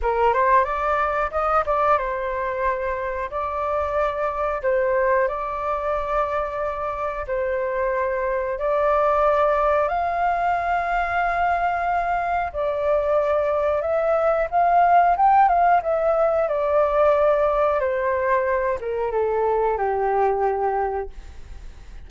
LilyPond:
\new Staff \with { instrumentName = "flute" } { \time 4/4 \tempo 4 = 91 ais'8 c''8 d''4 dis''8 d''8 c''4~ | c''4 d''2 c''4 | d''2. c''4~ | c''4 d''2 f''4~ |
f''2. d''4~ | d''4 e''4 f''4 g''8 f''8 | e''4 d''2 c''4~ | c''8 ais'8 a'4 g'2 | }